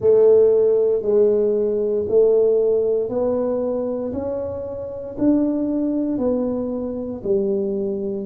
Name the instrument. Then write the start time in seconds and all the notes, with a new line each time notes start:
tuba
0.00 A3
1.02 G#3
2.08 A3
3.08 B3
4.12 C#4
5.18 D4
6.18 B3
7.23 G3